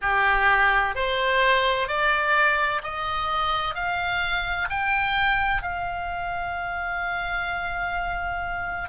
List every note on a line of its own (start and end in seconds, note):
0.01 0.95 G4
0.95 1.87 C5
1.87 2.81 D5
2.83 3.75 D#5
3.75 4.68 F5
4.69 5.62 G5
5.62 8.88 F5